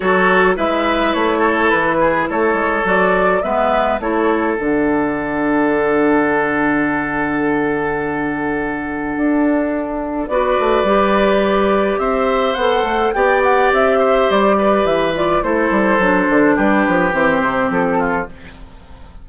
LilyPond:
<<
  \new Staff \with { instrumentName = "flute" } { \time 4/4 \tempo 4 = 105 cis''4 e''4 cis''4 b'4 | cis''4 d''4 e''4 cis''4 | fis''1~ | fis''1~ |
fis''2 d''2~ | d''4 e''4 fis''4 g''8 fis''8 | e''4 d''4 e''8 d''8 c''4~ | c''4 b'4 c''4 a'4 | }
  \new Staff \with { instrumentName = "oboe" } { \time 4/4 a'4 b'4. a'4 gis'8 | a'2 b'4 a'4~ | a'1~ | a'1~ |
a'2 b'2~ | b'4 c''2 d''4~ | d''8 c''4 b'4. a'4~ | a'4 g'2~ g'8 f'8 | }
  \new Staff \with { instrumentName = "clarinet" } { \time 4/4 fis'4 e'2.~ | e'4 fis'4 b4 e'4 | d'1~ | d'1~ |
d'2 fis'4 g'4~ | g'2 a'4 g'4~ | g'2~ g'8 f'8 e'4 | d'2 c'2 | }
  \new Staff \with { instrumentName = "bassoon" } { \time 4/4 fis4 gis4 a4 e4 | a8 gis8 fis4 gis4 a4 | d1~ | d1 |
d'2 b8 a8 g4~ | g4 c'4 b8 a8 b4 | c'4 g4 e4 a8 g8 | fis8 d8 g8 f8 e8 c8 f4 | }
>>